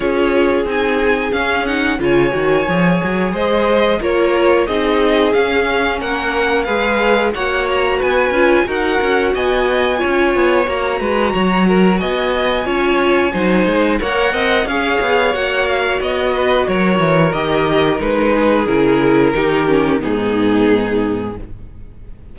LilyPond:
<<
  \new Staff \with { instrumentName = "violin" } { \time 4/4 \tempo 4 = 90 cis''4 gis''4 f''8 fis''8 gis''4~ | gis''4 dis''4 cis''4 dis''4 | f''4 fis''4 f''4 fis''8 ais''8 | gis''4 fis''4 gis''2 |
ais''2 gis''2~ | gis''4 fis''4 f''4 fis''8 f''8 | dis''4 cis''4 dis''4 b'4 | ais'2 gis'2 | }
  \new Staff \with { instrumentName = "violin" } { \time 4/4 gis'2. cis''4~ | cis''4 c''4 ais'4 gis'4~ | gis'4 ais'4 b'4 cis''4 | b'4 ais'4 dis''4 cis''4~ |
cis''8 b'8 cis''8 ais'8 dis''4 cis''4 | c''4 cis''8 dis''8 cis''2~ | cis''8 b'8 ais'2~ ais'8 gis'8~ | gis'4 g'4 dis'2 | }
  \new Staff \with { instrumentName = "viola" } { \time 4/4 f'4 dis'4 cis'8 dis'8 f'8 fis'8 | gis'2 f'4 dis'4 | cis'2 gis'4 fis'4~ | fis'8 f'8 fis'2 f'4 |
fis'2. f'4 | dis'4 ais'4 gis'4 fis'4~ | fis'2 g'4 dis'4 | e'4 dis'8 cis'8 b2 | }
  \new Staff \with { instrumentName = "cello" } { \time 4/4 cis'4 c'4 cis'4 cis8 dis8 | f8 fis8 gis4 ais4 c'4 | cis'4 ais4 gis4 ais4 | b8 cis'8 dis'8 cis'8 b4 cis'8 b8 |
ais8 gis8 fis4 b4 cis'4 | fis8 gis8 ais8 c'8 cis'8 b8 ais4 | b4 fis8 e8 dis4 gis4 | cis4 dis4 gis,2 | }
>>